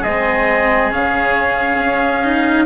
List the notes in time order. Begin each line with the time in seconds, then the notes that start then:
0.00 G#3 G#4 D#5
0.07 C4
0.91 C#3 C#4 F5
1.78 C#4
2.23 D#4